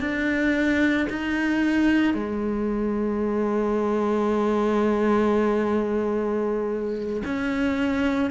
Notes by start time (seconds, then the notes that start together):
0.00 D4
1.10 D#4
2.14 G#3
7.25 C#4